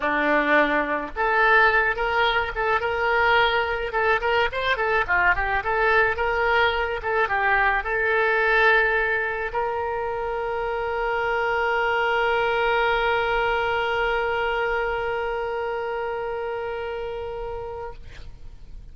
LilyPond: \new Staff \with { instrumentName = "oboe" } { \time 4/4 \tempo 4 = 107 d'2 a'4. ais'8~ | ais'8 a'8 ais'2 a'8 ais'8 | c''8 a'8 f'8 g'8 a'4 ais'4~ | ais'8 a'8 g'4 a'2~ |
a'4 ais'2.~ | ais'1~ | ais'1~ | ais'1 | }